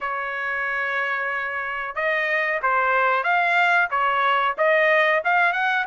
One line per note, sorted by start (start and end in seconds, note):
0.01 1.95 C#5
1.95 2.60 D#5
2.62 3.23 C5
3.23 3.89 F5
3.90 4.55 C#5
4.57 5.22 D#5
5.24 5.52 F5
5.52 5.85 F#5